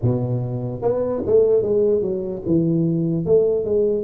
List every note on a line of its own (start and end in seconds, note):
0.02 0.81 B2
0.81 1.22 B3
1.26 1.62 A3
1.62 2.01 G#3
2.01 2.42 F#3
2.46 3.25 E3
3.25 3.64 A3
3.64 4.04 G#3